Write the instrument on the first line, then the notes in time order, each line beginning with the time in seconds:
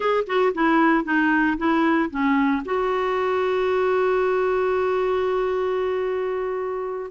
clarinet
0.00 G#4
0.26 F#4
0.54 E4
1.04 D#4
1.57 E4
2.10 C#4
2.65 F#4